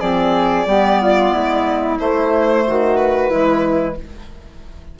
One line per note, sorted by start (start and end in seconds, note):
0.00 0.67 F3
0.00 0.66 C4
0.00 0.66 G#4
0.00 1.98 D5
0.67 1.33 G3
0.67 1.99 B3
0.67 1.01 G4
1.02 1.34 F4
1.34 1.99 G#3
1.34 2.66 E4
1.99 3.30 A3
1.99 2.65 A3
1.99 2.97 C5
2.68 3.34 D#3
2.68 3.30 F#4
2.97 3.96 B4
3.30 4.00 E3
3.30 3.96 G#3
3.30 3.96 E4